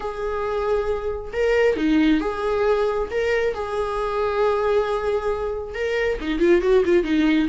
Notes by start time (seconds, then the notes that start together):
0.00 G#4
1.32 A#4
1.76 D#4
2.20 G#4
3.10 A#4
3.54 G#4
5.74 A#4
6.20 D#4
6.39 F4
6.61 F#4
6.85 F4
7.03 D#4